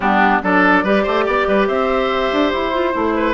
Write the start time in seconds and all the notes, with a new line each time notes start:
0.00 G3 B3 D4 G4
0.42 F#3 D4 A4 D5
0.83 G3 G4 B4
1.03 A3 C5
1.26 B3 D5
1.47 G3 B4
1.67 C4 C5 E5
2.31 D4
2.50 E4 C5
2.73 F4
2.92 A3 E4
3.15 B4